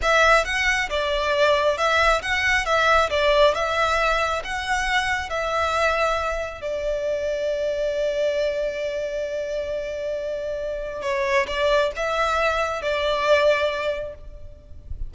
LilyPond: \new Staff \with { instrumentName = "violin" } { \time 4/4 \tempo 4 = 136 e''4 fis''4 d''2 | e''4 fis''4 e''4 d''4 | e''2 fis''2 | e''2. d''4~ |
d''1~ | d''1~ | d''4 cis''4 d''4 e''4~ | e''4 d''2. | }